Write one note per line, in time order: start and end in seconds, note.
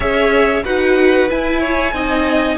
0.00 0.64 C#4
0.00 0.64 G#4
0.00 0.63 C#5
0.00 0.63 E5
0.64 1.29 D#4
0.64 1.29 F#4
0.64 1.59 B4
0.64 1.29 F#5
1.29 1.94 E4
1.29 1.92 E4
1.29 2.58 G#5
1.59 1.92 C#5
1.92 2.57 C4
1.92 2.58 D#4
1.92 2.58 D#5